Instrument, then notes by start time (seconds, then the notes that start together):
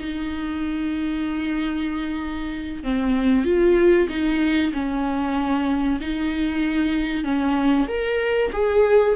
viola
0.00 D#4
2.83 C4
3.45 F4
4.09 D#4
4.73 C#4
6.01 D#4
7.24 C#4
7.88 A#4
8.52 G#4